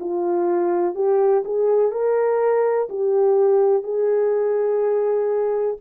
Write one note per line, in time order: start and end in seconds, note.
0.00 0.95 F4
0.95 1.43 G4
1.45 1.92 G#4
1.92 2.89 A#4
2.89 3.83 G4
3.83 5.77 G#4